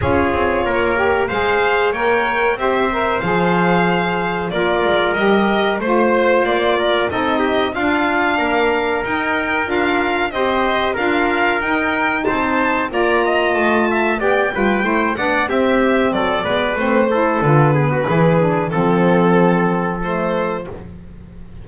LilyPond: <<
  \new Staff \with { instrumentName = "violin" } { \time 4/4 \tempo 4 = 93 cis''2 f''4 g''4 | e''4 f''2 d''4 | dis''4 c''4 d''4 dis''4 | f''2 g''4 f''4 |
dis''4 f''4 g''4 a''4 | ais''4 a''4 g''4. fis''8 | e''4 d''4 c''4 b'4~ | b'4 a'2 c''4 | }
  \new Staff \with { instrumentName = "trumpet" } { \time 4/4 gis'4 ais'4 c''4 cis''4 | c''2. ais'4~ | ais'4 c''4. ais'8 a'8 g'8 | f'4 ais'2. |
c''4 ais'2 c''4 | d''8 dis''4 e''8 d''8 b'8 c''8 d''8 | g'4 a'8 b'4 a'4 gis'16 fis'16 | gis'4 a'2. | }
  \new Staff \with { instrumentName = "saxophone" } { \time 4/4 f'4. g'8 gis'4 ais'4 | g'8 ais'8 gis'2 f'4 | g'4 f'2 dis'4 | d'2 dis'4 f'4 |
g'4 f'4 dis'2 | f'2 g'8 f'8 e'8 d'8 | c'4. b8 c'8 e'8 f'8 b8 | e'8 d'8 c'2 a4 | }
  \new Staff \with { instrumentName = "double bass" } { \time 4/4 cis'8 c'8 ais4 gis4 ais4 | c'4 f2 ais8 gis8 | g4 a4 ais4 c'4 | d'4 ais4 dis'4 d'4 |
c'4 d'4 dis'4 c'4 | ais4 a4 b8 g8 a8 b8 | c'4 fis8 gis8 a4 d4 | e4 f2. | }
>>